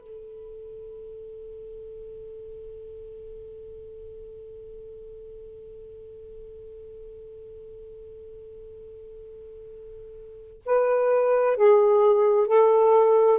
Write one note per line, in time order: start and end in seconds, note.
0.00 10.62 A4
10.65 11.57 B4
11.57 12.47 G#4
12.47 13.39 A4